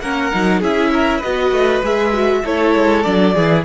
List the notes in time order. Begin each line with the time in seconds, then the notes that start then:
0.00 A#3 C#4 A#4 F#5
0.32 F#3 D#4
0.60 C#4 E4 G#4 E5
0.93 A#4
1.18 B3 F#4 B4 D#5
1.51 A3
1.82 G#3 G#4 E5
2.12 F#4
2.44 A3 E4 A4 C#5
2.74 G#3
3.02 F#3 D4 D5
3.34 E3 E4 G#4